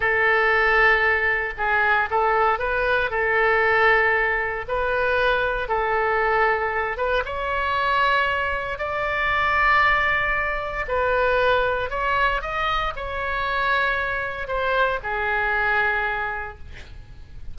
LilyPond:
\new Staff \with { instrumentName = "oboe" } { \time 4/4 \tempo 4 = 116 a'2. gis'4 | a'4 b'4 a'2~ | a'4 b'2 a'4~ | a'4. b'8 cis''2~ |
cis''4 d''2.~ | d''4 b'2 cis''4 | dis''4 cis''2. | c''4 gis'2. | }